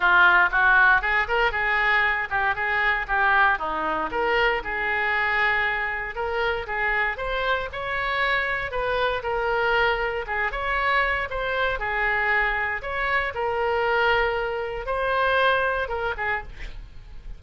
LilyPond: \new Staff \with { instrumentName = "oboe" } { \time 4/4 \tempo 4 = 117 f'4 fis'4 gis'8 ais'8 gis'4~ | gis'8 g'8 gis'4 g'4 dis'4 | ais'4 gis'2. | ais'4 gis'4 c''4 cis''4~ |
cis''4 b'4 ais'2 | gis'8 cis''4. c''4 gis'4~ | gis'4 cis''4 ais'2~ | ais'4 c''2 ais'8 gis'8 | }